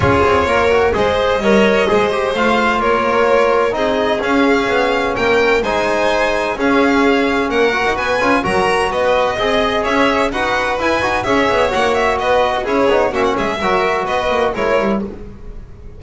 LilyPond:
<<
  \new Staff \with { instrumentName = "violin" } { \time 4/4 \tempo 4 = 128 cis''2 dis''2~ | dis''4 f''4 cis''2 | dis''4 f''2 g''4 | gis''2 f''2 |
fis''4 gis''4 ais''4 dis''4~ | dis''4 e''4 fis''4 gis''4 | e''4 fis''8 e''8 dis''4 cis''4 | e''16 fis''16 e''4. dis''4 cis''4 | }
  \new Staff \with { instrumentName = "violin" } { \time 4/4 gis'4 ais'4 c''4 cis''4 | c''2 ais'2 | gis'2. ais'4 | c''2 gis'2 |
ais'4 b'4 ais'4 b'4 | dis''4 cis''4 b'2 | cis''2 b'8. fis'16 gis'4 | fis'8 gis'8 ais'4 b'4 ais'4 | }
  \new Staff \with { instrumentName = "trombone" } { \time 4/4 f'4. fis'8 gis'4 ais'4 | gis'8 g'8 f'2. | dis'4 cis'2. | dis'2 cis'2~ |
cis'8 fis'4 f'8 fis'2 | gis'2 fis'4 e'8 fis'8 | gis'4 fis'2 e'8 dis'8 | cis'4 fis'2 e'4 | }
  \new Staff \with { instrumentName = "double bass" } { \time 4/4 cis'8 c'8 ais4 gis4 g4 | gis4 a4 ais2 | c'4 cis'4 b4 ais4 | gis2 cis'2 |
ais8. dis'16 b8 cis'8 fis4 b4 | c'4 cis'4 dis'4 e'8 dis'8 | cis'8 b8 ais4 b4 cis'8 b8 | ais8 gis8 fis4 b8 ais8 gis8 g8 | }
>>